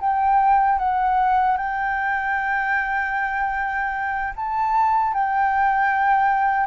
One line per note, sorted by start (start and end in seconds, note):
0.00 0.78 G5
0.78 1.57 F#5
1.57 4.33 G5
4.36 5.14 A5
5.14 6.66 G5